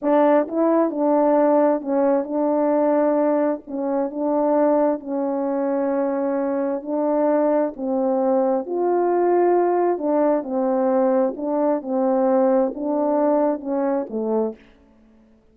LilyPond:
\new Staff \with { instrumentName = "horn" } { \time 4/4 \tempo 4 = 132 d'4 e'4 d'2 | cis'4 d'2. | cis'4 d'2 cis'4~ | cis'2. d'4~ |
d'4 c'2 f'4~ | f'2 d'4 c'4~ | c'4 d'4 c'2 | d'2 cis'4 a4 | }